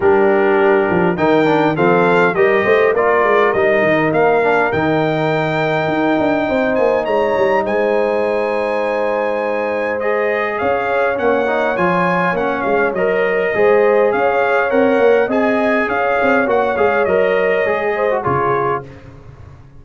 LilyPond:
<<
  \new Staff \with { instrumentName = "trumpet" } { \time 4/4 \tempo 4 = 102 ais'2 g''4 f''4 | dis''4 d''4 dis''4 f''4 | g''2.~ g''8 gis''8 | ais''4 gis''2.~ |
gis''4 dis''4 f''4 fis''4 | gis''4 fis''8 f''8 dis''2 | f''4 fis''4 gis''4 f''4 | fis''8 f''8 dis''2 cis''4 | }
  \new Staff \with { instrumentName = "horn" } { \time 4/4 g'2 ais'4 a'4 | ais'8 c''8 ais'2.~ | ais'2. c''4 | cis''4 c''2.~ |
c''2 cis''2~ | cis''2. c''4 | cis''2 dis''4 cis''4~ | cis''2~ cis''8 c''8 gis'4 | }
  \new Staff \with { instrumentName = "trombone" } { \time 4/4 d'2 dis'8 d'8 c'4 | g'4 f'4 dis'4. d'8 | dis'1~ | dis'1~ |
dis'4 gis'2 cis'8 dis'8 | f'4 cis'4 ais'4 gis'4~ | gis'4 ais'4 gis'2 | fis'8 gis'8 ais'4 gis'8. fis'16 f'4 | }
  \new Staff \with { instrumentName = "tuba" } { \time 4/4 g4. f8 dis4 f4 | g8 a8 ais8 gis8 g8 dis8 ais4 | dis2 dis'8 d'8 c'8 ais8 | gis8 g8 gis2.~ |
gis2 cis'4 ais4 | f4 ais8 gis8 fis4 gis4 | cis'4 c'8 ais8 c'4 cis'8 c'8 | ais8 gis8 fis4 gis4 cis4 | }
>>